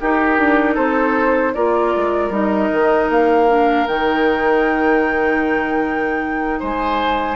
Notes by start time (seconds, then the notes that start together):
0.00 D#4 G4 A#4
0.38 D4
0.75 C4 A4 C5
1.54 A#3 F4 A#4 D5
1.96 G#3
2.30 G3 D#4 D#5
2.73 D#3
3.10 A#3 F5
3.48 D4
3.88 D#3 D#4 G5
6.60 G#3 C5 G#5